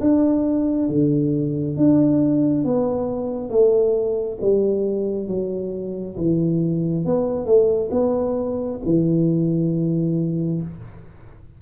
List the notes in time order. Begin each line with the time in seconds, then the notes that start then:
0.00 D4
0.88 D3
1.76 D4
2.64 B3
3.49 A3
4.41 G3
5.27 F#3
6.17 E3
7.05 B3
7.45 A3
7.91 B3
8.85 E3